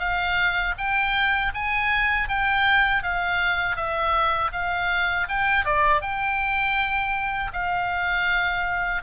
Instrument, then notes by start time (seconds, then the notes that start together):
oboe
0.00 F5
0.78 G5
1.55 G#5
2.29 G5
3.03 F5
3.77 E5
4.53 F5
5.29 G5
5.66 D5
6.02 G5
7.53 F5